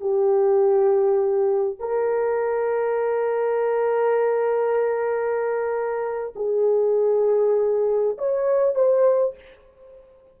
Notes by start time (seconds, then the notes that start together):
0.00 G4
1.79 A#4
6.35 G#4
8.18 C#5
8.74 C5